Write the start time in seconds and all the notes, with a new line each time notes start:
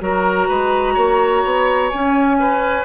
0.00 F#3 F#4 A#4 A#5
0.48 G#3 B4
0.94 A#3 C#5
1.44 B3
1.89 C#4 G#5
2.39 B4